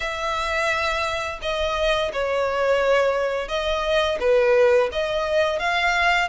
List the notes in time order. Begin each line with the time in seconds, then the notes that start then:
0.00 E5
1.41 D#5
2.12 C#5
3.48 D#5
4.20 B4
4.92 D#5
5.59 F5